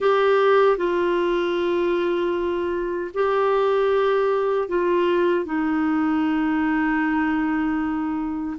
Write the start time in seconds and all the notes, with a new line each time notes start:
0.00 G4
0.77 F4
3.14 G4
4.68 F4
5.45 D#4